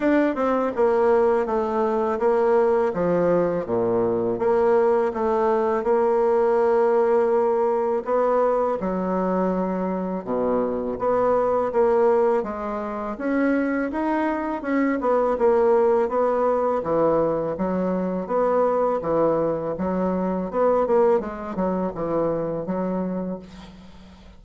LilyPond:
\new Staff \with { instrumentName = "bassoon" } { \time 4/4 \tempo 4 = 82 d'8 c'8 ais4 a4 ais4 | f4 ais,4 ais4 a4 | ais2. b4 | fis2 b,4 b4 |
ais4 gis4 cis'4 dis'4 | cis'8 b8 ais4 b4 e4 | fis4 b4 e4 fis4 | b8 ais8 gis8 fis8 e4 fis4 | }